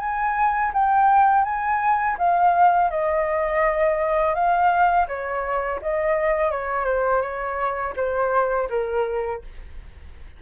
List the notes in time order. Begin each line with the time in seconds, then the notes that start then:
0.00 G#5
0.74 G5
1.45 G#5
2.19 F5
2.90 D#5
4.35 F5
5.08 C#5
5.82 D#5
6.52 C#5
6.85 C5
7.22 C#5
7.97 C5
8.70 A#4